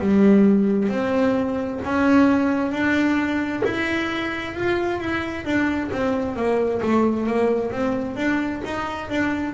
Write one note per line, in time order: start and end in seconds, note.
0.00 0.89 G3
0.89 1.80 C4
1.84 2.71 C#4
2.71 3.62 D4
3.64 4.55 E4
4.55 5.00 F4
5.00 5.45 E4
5.45 5.90 D4
5.92 6.36 C4
6.36 6.81 A#3
6.82 7.27 A3
7.27 7.72 A#3
7.72 8.16 C4
8.16 8.62 D4
8.65 9.10 D#4
9.10 9.54 D4